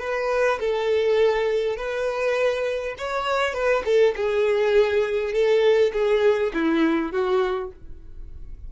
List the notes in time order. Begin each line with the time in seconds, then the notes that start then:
0.00 B4
0.60 A4
1.77 B4
2.98 C#5
3.54 B4
3.86 A4
4.16 G#4
5.33 A4
5.93 G#4
6.54 E4
7.12 F#4